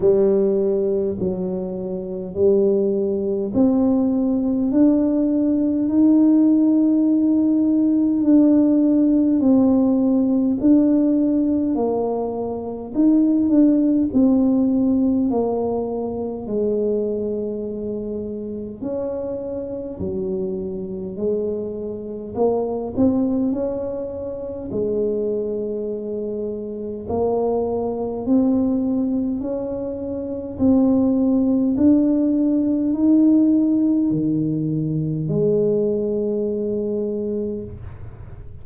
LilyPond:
\new Staff \with { instrumentName = "tuba" } { \time 4/4 \tempo 4 = 51 g4 fis4 g4 c'4 | d'4 dis'2 d'4 | c'4 d'4 ais4 dis'8 d'8 | c'4 ais4 gis2 |
cis'4 fis4 gis4 ais8 c'8 | cis'4 gis2 ais4 | c'4 cis'4 c'4 d'4 | dis'4 dis4 gis2 | }